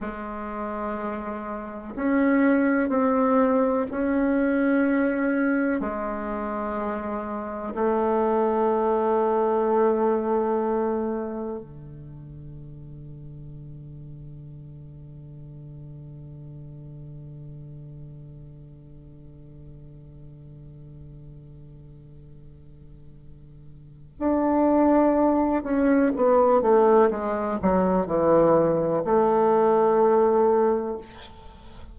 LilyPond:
\new Staff \with { instrumentName = "bassoon" } { \time 4/4 \tempo 4 = 62 gis2 cis'4 c'4 | cis'2 gis2 | a1 | d1~ |
d1~ | d1~ | d4 d'4. cis'8 b8 a8 | gis8 fis8 e4 a2 | }